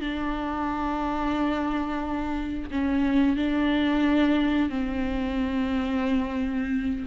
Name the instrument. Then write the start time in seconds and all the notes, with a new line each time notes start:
viola
0.00 D4
2.71 C#4
3.36 D4
4.69 C4